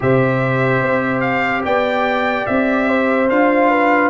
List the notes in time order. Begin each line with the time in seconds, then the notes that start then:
0.00 C3 G4 C5 E5
0.82 C4
1.20 F5
1.65 B3 D5 G5
2.46 C4 E5
2.88 C5
3.29 D4 F4 F5
3.70 B4